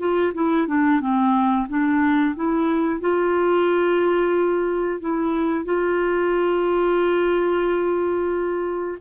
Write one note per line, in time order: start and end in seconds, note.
0.00 0.33 F4
0.34 0.68 E4
0.68 1.01 D4
1.01 1.68 C4
1.69 2.36 D4
2.36 3.01 E4
3.01 5.01 F4
5.01 5.65 E4
5.65 8.98 F4